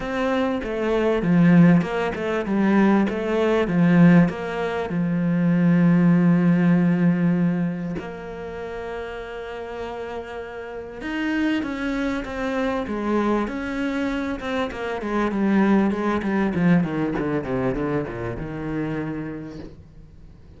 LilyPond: \new Staff \with { instrumentName = "cello" } { \time 4/4 \tempo 4 = 98 c'4 a4 f4 ais8 a8 | g4 a4 f4 ais4 | f1~ | f4 ais2.~ |
ais2 dis'4 cis'4 | c'4 gis4 cis'4. c'8 | ais8 gis8 g4 gis8 g8 f8 dis8 | d8 c8 d8 ais,8 dis2 | }